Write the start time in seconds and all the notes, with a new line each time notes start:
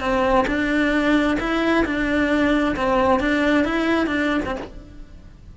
0.00 C4
0.48 D4
1.40 E4
1.86 D4
2.76 C4
3.20 D4
3.65 E4
4.07 D4
4.46 C4